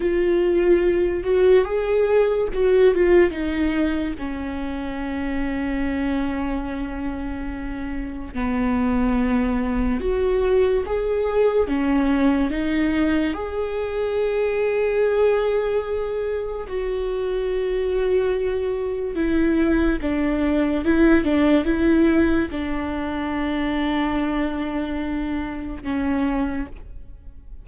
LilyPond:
\new Staff \with { instrumentName = "viola" } { \time 4/4 \tempo 4 = 72 f'4. fis'8 gis'4 fis'8 f'8 | dis'4 cis'2.~ | cis'2 b2 | fis'4 gis'4 cis'4 dis'4 |
gis'1 | fis'2. e'4 | d'4 e'8 d'8 e'4 d'4~ | d'2. cis'4 | }